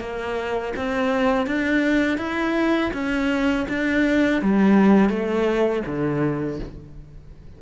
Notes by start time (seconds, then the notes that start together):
0.00 A#3
0.76 C4
1.46 D4
2.18 E4
2.93 C#4
3.69 D4
4.42 G3
5.09 A3
5.86 D3